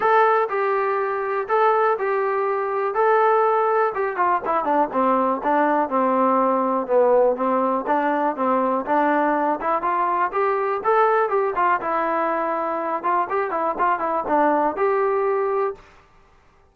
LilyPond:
\new Staff \with { instrumentName = "trombone" } { \time 4/4 \tempo 4 = 122 a'4 g'2 a'4 | g'2 a'2 | g'8 f'8 e'8 d'8 c'4 d'4 | c'2 b4 c'4 |
d'4 c'4 d'4. e'8 | f'4 g'4 a'4 g'8 f'8 | e'2~ e'8 f'8 g'8 e'8 | f'8 e'8 d'4 g'2 | }